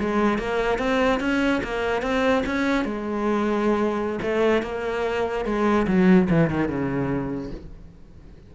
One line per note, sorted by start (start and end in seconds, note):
0.00 0.38 G#3
0.38 0.79 A#3
0.79 1.20 C4
1.20 1.62 C#4
1.63 2.02 A#3
2.02 2.44 C4
2.46 2.85 C#4
2.85 4.19 G#3
4.22 4.62 A3
4.62 5.45 A#3
5.45 5.86 G#3
5.87 6.28 F#3
6.30 6.50 E3
6.50 6.68 D#3
6.68 7.51 C#3